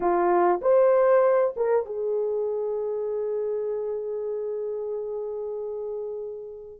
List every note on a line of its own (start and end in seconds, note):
0.00 0.60 F4
0.61 1.54 C5
1.56 1.85 A#4
1.85 6.80 G#4